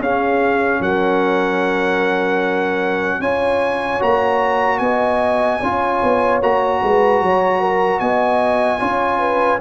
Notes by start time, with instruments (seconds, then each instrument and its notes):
0.00 tuba C#4, trombone C#4, horn G#4, trumpet F5
0.81 tuba F#3, horn A#4, trumpet F#5
3.19 tuba C#4, trombone F4, horn C#5, trumpet G#5
4.00 tuba A#3, trombone F#4, trumpet A#5
4.79 tuba B3, horn D#5, trumpet G#5
5.61 tuba C#4, trombone F4, horn C#5
6.03 tuba B3
6.42 tuba A#3, trombone F#4, trumpet A#5
6.83 tuba G#3, horn B4
7.22 tuba F#3, horn C#5
7.60 horn A#4
8.00 tuba B3, horn D#5, trumpet G#5
8.80 tuba C#4, trombone F4, horn C#5
9.20 horn B4